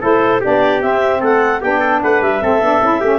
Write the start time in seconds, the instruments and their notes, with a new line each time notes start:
0.00 tuba A3, saxophone E4, trumpet A4, clarinet C5
0.40 tuba B3, saxophone D4, trumpet G4, clarinet D5
0.81 saxophone C4, tuba C4, clarinet E5
1.20 tuba A3, trumpet A4, clarinet F#5
1.61 tuba B3, saxophone D4, trumpet G4, clarinet G5
1.80 trumpet A4
2.02 tuba A3, trumpet B4, clarinet F#5
2.21 tuba G3, clarinet E5
2.41 tuba A3, saxophone C4, trumpet A4
2.61 tuba B3, saxophone D4
2.82 tuba C#4, saxophone E4
3.00 tuba A3, saxophone C#4, trumpet G4